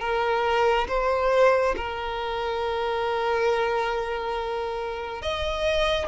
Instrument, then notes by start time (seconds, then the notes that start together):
violin
0.00 A#4
0.88 C5
1.77 A#4
5.22 D#5